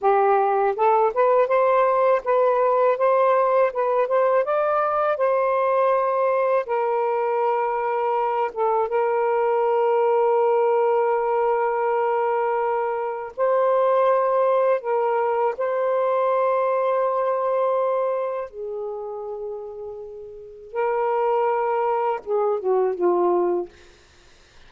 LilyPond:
\new Staff \with { instrumentName = "saxophone" } { \time 4/4 \tempo 4 = 81 g'4 a'8 b'8 c''4 b'4 | c''4 b'8 c''8 d''4 c''4~ | c''4 ais'2~ ais'8 a'8 | ais'1~ |
ais'2 c''2 | ais'4 c''2.~ | c''4 gis'2. | ais'2 gis'8 fis'8 f'4 | }